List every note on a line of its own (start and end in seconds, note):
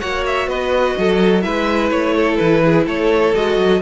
0.00 0.47 A#3
0.00 1.42 F#4
0.00 0.48 C#5
0.00 0.24 F#5
0.26 0.49 E5
0.47 0.95 B3
0.47 0.96 B4
0.47 1.42 D#5
0.98 1.45 F#3
0.98 1.44 A4
1.42 1.91 G#3
1.42 3.33 E4
1.42 2.15 B4
1.42 1.89 E5
1.91 2.39 A3
1.91 2.37 C#5
2.16 2.63 A4
2.37 2.87 E3
2.37 2.84 B4
2.65 2.86 G#4
2.86 3.34 A3
2.86 3.81 A4
2.86 3.35 C#5
3.35 3.58 G#3
3.35 3.81 F#4
3.35 3.81 D#5
3.58 3.81 F#3